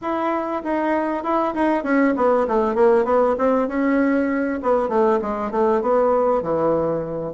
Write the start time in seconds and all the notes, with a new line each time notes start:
0.01 E4
0.63 D#4
1.23 E4
1.54 D#4
1.83 C#4
2.16 B3
2.47 A3
2.75 A#3
3.04 B3
3.38 C4
3.68 C#4
4.62 B3
4.88 A3
5.21 G#3
5.51 A3
5.81 B3
6.42 E3